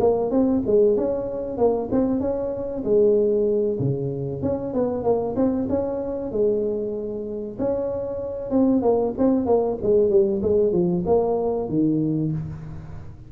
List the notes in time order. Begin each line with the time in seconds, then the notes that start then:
0.00 A#3
0.31 C4
0.66 G#3
0.97 C#4
1.58 A#3
1.91 C4
2.21 C#4
2.84 G#3
3.80 C#3
4.42 C#4
4.74 B3
5.04 A#3
5.36 C4
5.69 C#4
6.32 G#3
7.59 C#4
8.51 C4
8.82 A#3
9.18 C4
9.46 A#3
9.83 G#3
10.10 G3
10.43 G#3
10.73 F3
11.06 A#3
11.69 D#3